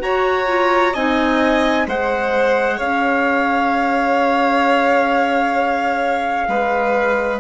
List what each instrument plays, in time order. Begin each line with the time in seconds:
0.00 clarinet F#4, bassoon F#4, violin C#5, trumpet A#5
0.47 clarinet F4
0.94 bassoon C4, clarinet D#4, violin D#5, trumpet G#5
1.87 bassoon G#3, clarinet G#4, violin C5, trumpet F#5
2.77 bassoon C#4, violin C#5, trumpet F5
6.48 bassoon G#3, violin B4